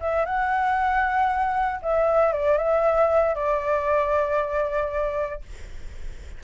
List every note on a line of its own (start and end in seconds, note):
0.00 0.26 E5
0.26 1.81 F#5
1.82 2.33 E5
2.33 2.58 D5
2.58 3.35 E5
3.35 5.42 D5